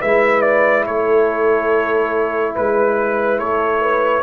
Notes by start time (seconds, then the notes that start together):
0.00 G#3 E4 B4 E5
0.42 D5
0.86 A3 A4 C#5
2.55 G#3 B4
3.39 A3 A4 C#5
3.81 B4